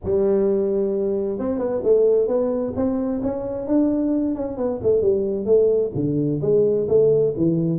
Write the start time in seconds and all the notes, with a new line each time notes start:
0.04 G3
1.38 C4
1.58 B3
1.83 A3
2.27 B3
2.75 C4
3.22 C#4
3.67 D4
4.35 C#4
4.57 B3
4.83 A3
5.01 G3
5.45 A3
5.94 D3
6.41 G#3
6.88 A3
7.36 E3